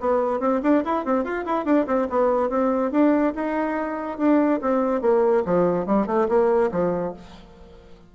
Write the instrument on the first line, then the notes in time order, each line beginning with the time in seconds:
bassoon
0.00 B3
0.40 C4
0.62 D4
0.84 E4
1.05 C4
1.24 F4
1.45 E4
1.65 D4
1.86 C4
2.10 B3
2.49 C4
2.91 D4
3.35 D#4
4.18 D4
4.61 C4
5.01 A#3
5.45 F3
5.86 G3
6.07 A3
6.29 A#3
6.72 F3